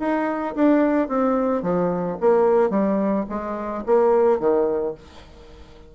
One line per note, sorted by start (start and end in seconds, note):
0.00 0.55 D#4
0.56 1.09 D4
1.09 1.63 C4
1.63 2.18 F3
2.21 2.70 A#3
2.70 3.25 G3
3.29 3.84 G#3
3.86 4.40 A#3
4.40 4.95 D#3